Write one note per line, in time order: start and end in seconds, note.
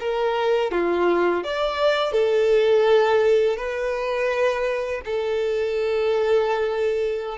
0.00 0.72 A#4
0.72 1.44 F4
1.44 2.12 D5
2.12 3.57 A4
3.57 5.02 B4
5.05 7.38 A4